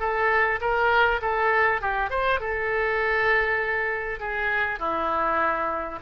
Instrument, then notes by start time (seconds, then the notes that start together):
oboe
0.00 A4
0.61 A#4
1.22 A4
1.82 G4
2.11 C5
2.41 A4
4.20 G#4
4.80 E4